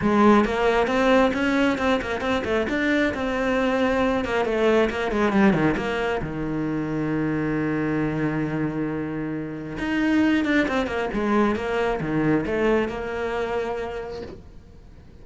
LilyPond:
\new Staff \with { instrumentName = "cello" } { \time 4/4 \tempo 4 = 135 gis4 ais4 c'4 cis'4 | c'8 ais8 c'8 a8 d'4 c'4~ | c'4. ais8 a4 ais8 gis8 | g8 dis8 ais4 dis2~ |
dis1~ | dis2 dis'4. d'8 | c'8 ais8 gis4 ais4 dis4 | a4 ais2. | }